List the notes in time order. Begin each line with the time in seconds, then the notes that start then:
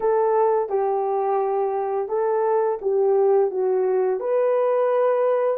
0.00 A4
0.69 G4
2.08 A4
2.81 G4
3.50 F#4
4.20 B4